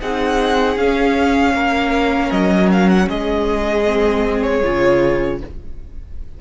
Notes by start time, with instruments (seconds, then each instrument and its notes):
0.00 cello C4, viola D#4, violin G#4 F#5
0.76 cello C#4, viola C#4, violin F5
1.53 cello A#3, violin A#4
2.31 cello F#3, violin D#5
2.72 violin F5
2.89 violin F#5
3.06 cello G#3, violin G#4 D#5
3.85 viola C4
4.42 violin C#5
4.63 cello C#3, viola F4